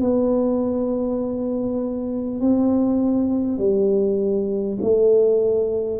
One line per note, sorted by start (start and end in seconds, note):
0.00 2.40 B3
2.40 3.57 C4
3.57 4.77 G3
4.81 5.99 A3